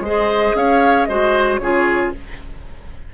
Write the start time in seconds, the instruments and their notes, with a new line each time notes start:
0.00 bassoon G#3, clarinet G#4, oboe C5
0.06 flute D#5
0.55 bassoon C#4, oboe C#5, flute F5
1.05 bassoon G#3, clarinet F#4, oboe C5, flute D#5
1.57 bassoon C#3, clarinet F4, oboe G#4, flute C#5